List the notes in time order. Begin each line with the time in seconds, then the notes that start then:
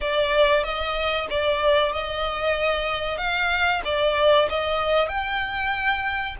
0.00 D5
0.63 D#5
1.29 D5
1.92 D#5
3.17 F5
3.85 D5
4.49 D#5
5.08 G5